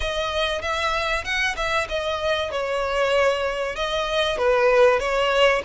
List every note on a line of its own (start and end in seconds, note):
0.00 0.61 D#5
0.61 1.24 E5
1.24 1.55 F#5
1.56 1.88 E5
1.88 2.51 D#5
2.51 3.75 C#5
3.75 4.38 D#5
4.38 4.99 B4
4.99 5.62 C#5